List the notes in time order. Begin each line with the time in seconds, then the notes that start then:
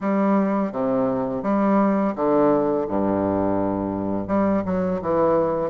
0.00 G3
0.72 C3
1.43 G3
2.15 D3
2.88 G2
4.27 G3
4.65 F#3
5.01 E3